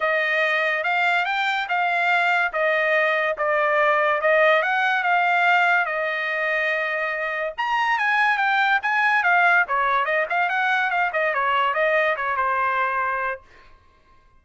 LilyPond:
\new Staff \with { instrumentName = "trumpet" } { \time 4/4 \tempo 4 = 143 dis''2 f''4 g''4 | f''2 dis''2 | d''2 dis''4 fis''4 | f''2 dis''2~ |
dis''2 ais''4 gis''4 | g''4 gis''4 f''4 cis''4 | dis''8 f''8 fis''4 f''8 dis''8 cis''4 | dis''4 cis''8 c''2~ c''8 | }